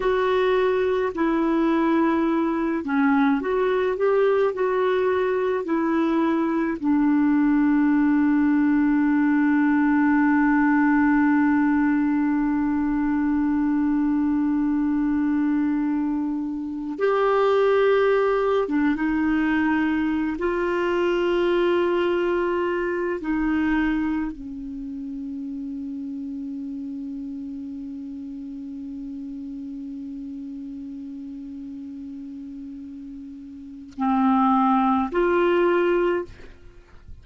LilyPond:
\new Staff \with { instrumentName = "clarinet" } { \time 4/4 \tempo 4 = 53 fis'4 e'4. cis'8 fis'8 g'8 | fis'4 e'4 d'2~ | d'1~ | d'2. g'4~ |
g'8 d'16 dis'4~ dis'16 f'2~ | f'8 dis'4 cis'2~ cis'8~ | cis'1~ | cis'2 c'4 f'4 | }